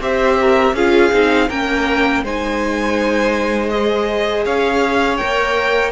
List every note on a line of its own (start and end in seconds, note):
0.00 0.73 C4
0.00 0.75 G4
0.00 0.38 C5
0.00 0.75 E5
0.40 0.75 A#4
0.73 1.10 C#4
0.73 1.11 F4
0.73 1.49 G#4
0.73 1.49 F5
1.11 1.49 C4
1.11 1.48 D#4
1.49 2.23 A#3
1.49 2.24 C#4
1.49 2.23 A#4
1.49 2.23 G5
2.23 4.45 G#3
2.23 3.71 D#4
2.23 4.45 C5
2.23 3.69 G#5
3.69 5.19 G#4
3.69 4.43 D#5
4.45 5.19 C#4
4.45 5.91 C#5
4.45 5.17 F5
5.17 5.91 A#3
5.17 5.91 A#4
5.17 5.91 G5